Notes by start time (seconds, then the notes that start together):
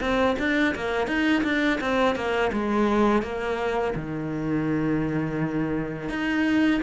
0.00 C4
0.39 D4
0.75 A#3
1.07 D#4
1.43 D4
1.81 C4
2.15 A#3
2.52 G#3
3.22 A#3
3.95 D#3
6.09 D#4